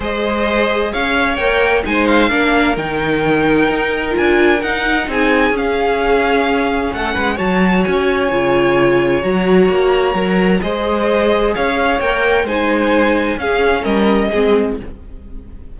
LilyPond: <<
  \new Staff \with { instrumentName = "violin" } { \time 4/4 \tempo 4 = 130 dis''2 f''4 g''4 | gis''8 f''4. g''2~ | g''4 gis''4 fis''4 gis''4 | f''2. fis''4 |
a''4 gis''2. | ais''2. dis''4~ | dis''4 f''4 g''4 gis''4~ | gis''4 f''4 dis''2 | }
  \new Staff \with { instrumentName = "violin" } { \time 4/4 c''2 cis''2 | c''4 ais'2.~ | ais'2. gis'4~ | gis'2. a'8 b'8 |
cis''1~ | cis''2. c''4~ | c''4 cis''2 c''4~ | c''4 gis'4 ais'4 gis'4 | }
  \new Staff \with { instrumentName = "viola" } { \time 4/4 gis'2. ais'4 | dis'4 d'4 dis'2~ | dis'4 f'4 dis'2 | cis'1 |
fis'2 f'2 | fis'2 ais'4 gis'4~ | gis'2 ais'4 dis'4~ | dis'4 cis'2 c'4 | }
  \new Staff \with { instrumentName = "cello" } { \time 4/4 gis2 cis'4 ais4 | gis4 ais4 dis2 | dis'4 d'4 dis'4 c'4 | cis'2. a8 gis8 |
fis4 cis'4 cis2 | fis4 ais4 fis4 gis4~ | gis4 cis'4 ais4 gis4~ | gis4 cis'4 g4 gis4 | }
>>